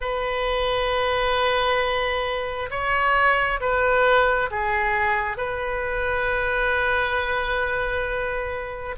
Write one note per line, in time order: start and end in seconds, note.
0.00 2.69 B4
2.70 3.60 C#5
3.60 4.50 B4
4.50 5.37 G#4
5.37 8.95 B4